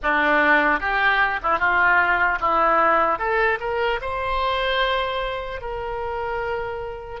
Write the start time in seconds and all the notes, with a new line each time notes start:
0.02 D4
0.80 G4
1.42 E4
1.58 F4
2.40 E4
3.19 A4
3.60 A#4
4.01 C5
5.61 A#4